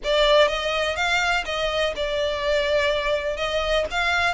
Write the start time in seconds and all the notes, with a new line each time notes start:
0.04 D5
0.48 D#5
0.96 F5
1.45 D#5
1.96 D5
3.37 D#5
3.90 F5